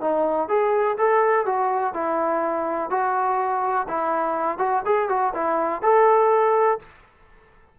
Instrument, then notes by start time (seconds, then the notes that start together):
trombone
0.00 D#4
0.48 G#4
0.97 A4
1.45 F#4
1.93 E4
2.90 F#4
3.88 E4
4.58 F#4
4.85 G#4
5.09 F#4
5.34 E4
5.82 A4